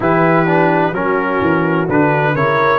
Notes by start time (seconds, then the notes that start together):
0.00 E3 E4 G4 B4
0.46 D4
0.92 F#3 C#4 F#4 A#4
1.40 E3
1.88 D3 D4 B4
2.34 C#3 E4 A#4 C#5